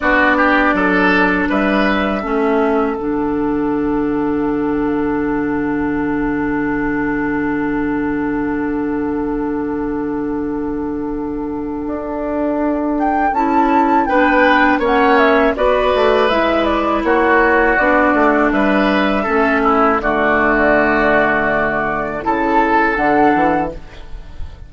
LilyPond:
<<
  \new Staff \with { instrumentName = "flute" } { \time 4/4 \tempo 4 = 81 d''2 e''2 | fis''1~ | fis''1~ | fis''1~ |
fis''4. g''8 a''4 g''4 | fis''8 e''8 d''4 e''8 d''8 cis''4 | d''4 e''2 d''4~ | d''2 a''4 fis''4 | }
  \new Staff \with { instrumentName = "oboe" } { \time 4/4 fis'8 g'8 a'4 b'4 a'4~ | a'1~ | a'1~ | a'1~ |
a'2. b'4 | cis''4 b'2 fis'4~ | fis'4 b'4 a'8 e'8 fis'4~ | fis'2 a'2 | }
  \new Staff \with { instrumentName = "clarinet" } { \time 4/4 d'2. cis'4 | d'1~ | d'1~ | d'1~ |
d'2 e'4 d'4 | cis'4 fis'4 e'2 | d'2 cis'4 a4~ | a2 e'4 d'4 | }
  \new Staff \with { instrumentName = "bassoon" } { \time 4/4 b4 fis4 g4 a4 | d1~ | d1~ | d1 |
d'2 cis'4 b4 | ais4 b8 a8 gis4 ais4 | b8 a8 g4 a4 d4~ | d2 cis4 d8 e8 | }
>>